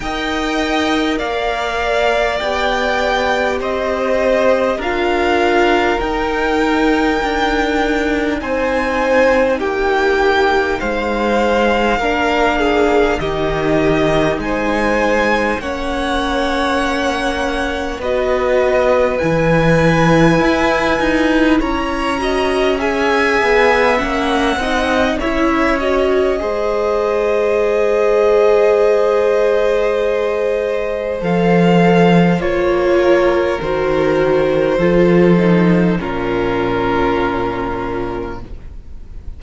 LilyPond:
<<
  \new Staff \with { instrumentName = "violin" } { \time 4/4 \tempo 4 = 50 g''4 f''4 g''4 dis''4 | f''4 g''2 gis''4 | g''4 f''2 dis''4 | gis''4 fis''2 dis''4 |
gis''2 ais''4 gis''4 | fis''4 e''8 dis''2~ dis''8~ | dis''2 f''4 cis''4 | c''2 ais'2 | }
  \new Staff \with { instrumentName = "violin" } { \time 4/4 dis''4 d''2 c''4 | ais'2. c''4 | g'4 c''4 ais'8 gis'8 g'4 | c''4 cis''2 b'4~ |
b'2 cis''8 dis''8 e''4~ | e''8 dis''8 cis''4 c''2~ | c''2.~ c''8 ais'8~ | ais'4 a'4 f'2 | }
  \new Staff \with { instrumentName = "viola" } { \time 4/4 ais'2 g'2 | f'4 dis'2.~ | dis'2 d'4 dis'4~ | dis'4 cis'2 fis'4 |
e'2~ e'8 fis'8 gis'4 | cis'8 dis'8 e'8 fis'8 gis'2~ | gis'2 a'4 f'4 | fis'4 f'8 dis'8 cis'2 | }
  \new Staff \with { instrumentName = "cello" } { \time 4/4 dis'4 ais4 b4 c'4 | d'4 dis'4 d'4 c'4 | ais4 gis4 ais4 dis4 | gis4 ais2 b4 |
e4 e'8 dis'8 cis'4. b8 | ais8 c'8 cis'4 gis2~ | gis2 f4 ais4 | dis4 f4 ais,2 | }
>>